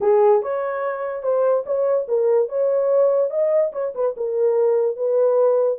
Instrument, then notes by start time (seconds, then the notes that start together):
horn
0.00 G#4
0.42 C#5
1.22 C5
1.66 C#5
2.07 A#4
2.48 C#5
3.30 D#5
3.72 C#5
3.94 B4
4.16 A#4
4.96 B4